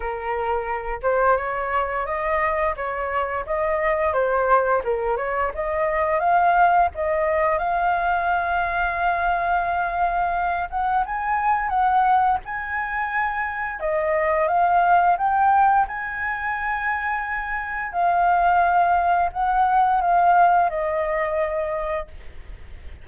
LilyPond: \new Staff \with { instrumentName = "flute" } { \time 4/4 \tempo 4 = 87 ais'4. c''8 cis''4 dis''4 | cis''4 dis''4 c''4 ais'8 cis''8 | dis''4 f''4 dis''4 f''4~ | f''2.~ f''8 fis''8 |
gis''4 fis''4 gis''2 | dis''4 f''4 g''4 gis''4~ | gis''2 f''2 | fis''4 f''4 dis''2 | }